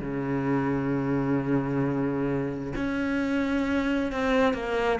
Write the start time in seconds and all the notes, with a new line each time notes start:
0.00 C#3
2.75 C#4
4.12 C4
4.53 A#3